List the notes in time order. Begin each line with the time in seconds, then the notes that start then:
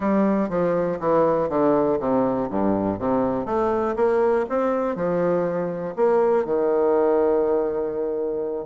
0.00 G3
0.49 F3
0.99 E3
1.49 D3
1.99 C3
2.50 G2
2.98 C3
3.45 A3
3.96 A#3
4.49 C4
4.95 F3
5.95 A#3
6.45 D#3